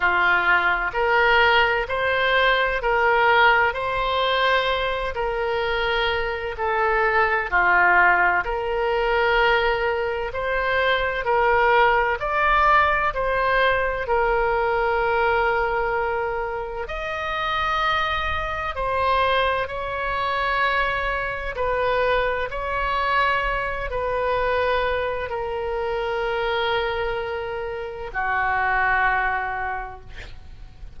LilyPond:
\new Staff \with { instrumentName = "oboe" } { \time 4/4 \tempo 4 = 64 f'4 ais'4 c''4 ais'4 | c''4. ais'4. a'4 | f'4 ais'2 c''4 | ais'4 d''4 c''4 ais'4~ |
ais'2 dis''2 | c''4 cis''2 b'4 | cis''4. b'4. ais'4~ | ais'2 fis'2 | }